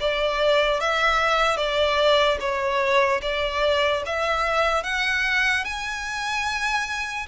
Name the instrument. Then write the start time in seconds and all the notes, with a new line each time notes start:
violin
0.00 D5
0.80 E5
1.57 D5
2.40 C#5
3.22 D5
4.05 E5
4.83 F#5
5.64 G#5